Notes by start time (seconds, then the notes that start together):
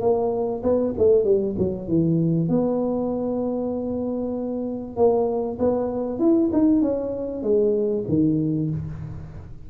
0.00 A#3
0.63 B3
0.97 A3
1.24 G3
1.58 F#3
1.88 E3
2.49 B3
4.96 A#3
5.58 B3
6.19 E4
6.53 D#4
6.81 C#4
7.42 G#3
8.08 D#3